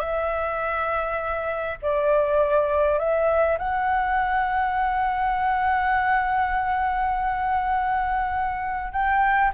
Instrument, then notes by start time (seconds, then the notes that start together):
flute
0.00 E5
1.83 D5
2.99 E5
3.59 F#5
8.93 G5